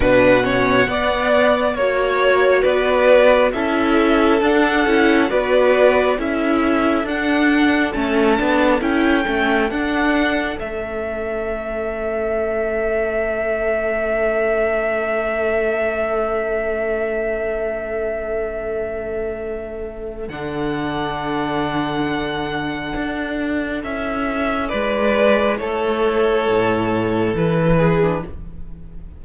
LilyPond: <<
  \new Staff \with { instrumentName = "violin" } { \time 4/4 \tempo 4 = 68 fis''2 cis''4 d''4 | e''4 fis''4 d''4 e''4 | fis''4 a''4 g''4 fis''4 | e''1~ |
e''1~ | e''2. fis''4~ | fis''2. e''4 | d''4 cis''2 b'4 | }
  \new Staff \with { instrumentName = "violin" } { \time 4/4 b'8 cis''8 d''4 cis''4 b'4 | a'2 b'4 a'4~ | a'1~ | a'1~ |
a'1~ | a'1~ | a'1 | b'4 a'2~ a'8 gis'8 | }
  \new Staff \with { instrumentName = "viola" } { \time 4/4 d'8 cis'8 b4 fis'2 | e'4 d'8 e'8 fis'4 e'4 | d'4 cis'8 d'8 e'8 cis'8 d'4 | cis'1~ |
cis'1~ | cis'2. d'4~ | d'2. e'4~ | e'2.~ e'8. d'16 | }
  \new Staff \with { instrumentName = "cello" } { \time 4/4 b,4 b4 ais4 b4 | cis'4 d'8 cis'8 b4 cis'4 | d'4 a8 b8 cis'8 a8 d'4 | a1~ |
a1~ | a2. d4~ | d2 d'4 cis'4 | gis4 a4 a,4 e4 | }
>>